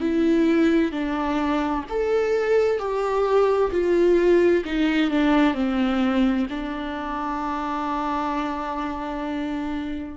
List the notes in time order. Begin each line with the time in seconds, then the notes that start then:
0.00 E4
0.92 D4
1.90 A4
2.79 G4
3.71 F4
4.65 D#4
5.11 D4
5.54 C4
6.50 D4